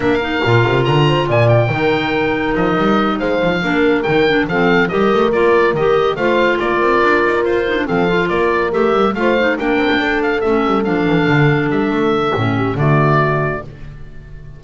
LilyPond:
<<
  \new Staff \with { instrumentName = "oboe" } { \time 4/4 \tempo 4 = 141 f''2 ais''4 gis''8 g''8~ | g''2 dis''4. f''8~ | f''4. g''4 f''4 dis''8~ | dis''8 d''4 dis''4 f''4 d''8~ |
d''4. c''4 f''4 d''8~ | d''8 e''4 f''4 g''4. | f''8 e''4 f''2 e''8~ | e''2 d''2 | }
  \new Staff \with { instrumentName = "horn" } { \time 4/4 ais'2~ ais'8 c''8 d''4 | ais'2.~ ais'8 c''8~ | c''8 ais'2 a'4 ais'8~ | ais'2~ ais'8 c''4 ais'8~ |
ais'2~ ais'8 a'4 ais'8~ | ais'4. c''4 ais'4 a'8~ | a'1~ | a'4. g'8 fis'2 | }
  \new Staff \with { instrumentName = "clarinet" } { \time 4/4 d'8 dis'8 f'2. | dis'1~ | dis'8 d'4 dis'8 d'8 c'4 g'8~ | g'8 f'4 g'4 f'4.~ |
f'2 dis'16 d'16 c'8 f'4~ | f'8 g'4 f'8 dis'8 d'4.~ | d'8 cis'4 d'2~ d'8~ | d'4 cis'4 a2 | }
  \new Staff \with { instrumentName = "double bass" } { \time 4/4 ais4 ais,8 c8 d4 ais,4 | dis2 f8 g4 gis8 | f8 ais4 dis4 f4 g8 | a8 ais4 dis4 a4 ais8 |
c'8 d'8 dis'8 f'4 f4 ais8~ | ais8 a8 g8 a4 ais8 c'16 ais16 d'8~ | d'8 a8 g8 f8 e8 d4 g8 | a4 a,4 d2 | }
>>